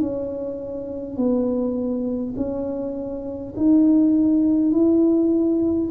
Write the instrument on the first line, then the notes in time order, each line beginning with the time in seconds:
tuba
0.00 C#4
1.17 B3
2.36 C#4
3.57 D#4
4.72 E4